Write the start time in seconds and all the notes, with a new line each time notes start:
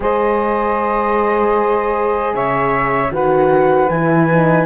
0.00 G#3 G#4 C5 D#5
2.34 C#3 C#5 E5
3.11 D#3 F#4 B4 F#5
3.89 E3 E4 G#5
4.32 D#4